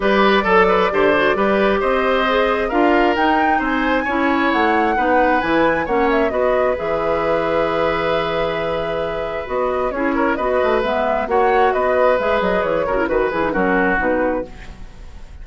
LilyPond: <<
  \new Staff \with { instrumentName = "flute" } { \time 4/4 \tempo 4 = 133 d''1 | dis''2 f''4 g''4 | gis''2 fis''2 | gis''4 fis''8 e''8 dis''4 e''4~ |
e''1~ | e''4 dis''4 cis''4 dis''4 | e''4 fis''4 dis''4 e''8 dis''8 | cis''4 b'8 gis'8 ais'4 b'4 | }
  \new Staff \with { instrumentName = "oboe" } { \time 4/4 b'4 a'8 b'8 c''4 b'4 | c''2 ais'2 | c''4 cis''2 b'4~ | b'4 cis''4 b'2~ |
b'1~ | b'2 gis'8 ais'8 b'4~ | b'4 cis''4 b'2~ | b'8 ais'8 b'4 fis'2 | }
  \new Staff \with { instrumentName = "clarinet" } { \time 4/4 g'4 a'4 g'8 fis'8 g'4~ | g'4 gis'4 f'4 dis'4~ | dis'4 e'2 dis'4 | e'4 cis'4 fis'4 gis'4~ |
gis'1~ | gis'4 fis'4 e'4 fis'4 | b4 fis'2 gis'4~ | gis'8 fis'16 e'16 fis'8 e'16 dis'16 cis'4 dis'4 | }
  \new Staff \with { instrumentName = "bassoon" } { \time 4/4 g4 fis4 d4 g4 | c'2 d'4 dis'4 | c'4 cis'4 a4 b4 | e4 ais4 b4 e4~ |
e1~ | e4 b4 cis'4 b8 a8 | gis4 ais4 b4 gis8 fis8 | e8 cis8 dis8 e8 fis4 b,4 | }
>>